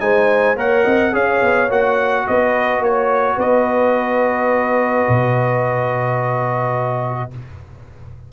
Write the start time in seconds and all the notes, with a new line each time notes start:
0.00 G#3 D#4 C5 G#5
0.57 A#3 A#4 C#5 F#5
0.84 C4 D#5
1.12 C#4 G#4 C#5 F5
1.42 B3
1.70 A#3 F#4 F#5
2.27 B3 B4 D#5
2.79 A#3 C#5
3.36 B3 B4 D#5
5.08 B2